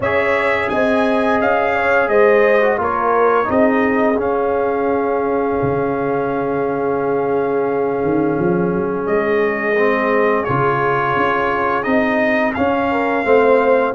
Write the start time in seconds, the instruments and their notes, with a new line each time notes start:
0.00 tuba C#4, trombone G#4, horn C#5, trumpet E5
0.69 tuba C4, horn D#5, trumpet G#5
1.40 tuba C#4, trumpet F5
1.74 horn C#5
2.08 tuba G#3, horn C5, trumpet D#5
2.61 trombone F#4
2.77 tuba A#3, trombone F4, horn A#4, trumpet C#5
3.44 tuba C4, trombone D#4, horn G#4, trumpet D#5
4.17 tuba C#4, trombone C#4, trumpet F5
5.62 tuba C#3
8.03 tuba D#3
8.39 tuba F3
8.74 tuba F#3
9.06 tuba G#3, trumpet D#5
9.77 trombone C4
10.44 tuba C#3, trombone F4, trumpet C#5
11.16 tuba C#4
11.83 tuba C4, trombone D#4, trumpet D#5
12.54 trombone C#4, tuba C#4, trumpet F5
12.90 horn A#4
13.24 tuba A3, trombone C4, horn C5